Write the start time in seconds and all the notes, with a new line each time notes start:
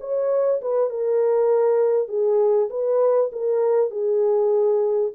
0.00 C#5
0.61 B4
0.90 A#4
2.08 G#4
2.70 B4
3.32 A#4
3.91 G#4